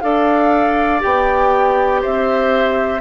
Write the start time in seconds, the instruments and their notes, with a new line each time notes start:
0.00 bassoon D4, clarinet A4, oboe D5, flute F5
0.99 bassoon B3, clarinet G4, flute G5
2.01 bassoon C4, oboe C5, flute E5